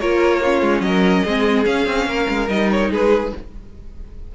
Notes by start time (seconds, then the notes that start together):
0.00 A#3 F4 A#4 C#5
0.42 C#4 F4
0.62 G#3
0.81 F#3 D#5
0.87 A#4
1.25 G#3 C4 G#4
1.65 C#4 F5
1.86 C4
2.06 A#3 A#4
2.29 G#3
2.49 G3 D#4 D#5
2.71 C#5
2.91 G#3 G#4 B4